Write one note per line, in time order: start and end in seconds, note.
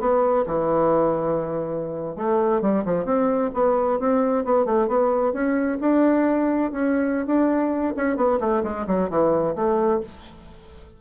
0.00 0.45 B3
0.46 2.16 E3
2.16 2.62 A3
2.62 2.85 G3
2.85 3.05 F3
3.05 3.51 C4
3.54 4.00 B3
4.00 4.45 C4
4.45 4.66 B3
4.66 4.88 A3
4.88 5.33 B3
5.33 5.79 C#4
5.81 6.72 D4
6.72 7.26 C#4
7.26 7.94 D4
7.97 8.17 C#4
8.17 8.39 B3
8.40 8.63 A3
8.64 8.86 G#3
8.87 9.10 F#3
9.10 9.55 E3
9.56 10.01 A3